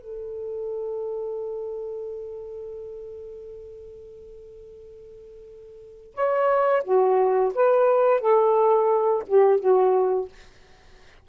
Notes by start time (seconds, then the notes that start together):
0.00 A4
6.14 C#5
6.84 F#4
7.55 B4
8.21 A4
9.28 G4
9.60 F#4